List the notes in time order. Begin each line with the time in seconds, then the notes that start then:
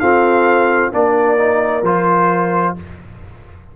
0.00 C4 F4 A4 F5
0.92 A#3 D4 A#4 D5
1.37 D#4
1.82 F3 F4 C5